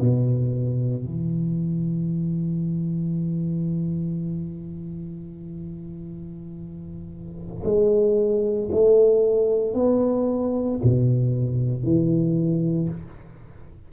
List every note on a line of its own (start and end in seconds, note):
0.00 1.05 B2
1.05 7.63 E3
7.65 8.70 G#3
8.72 9.74 A3
9.74 10.79 B3
10.83 11.83 B2
11.83 12.89 E3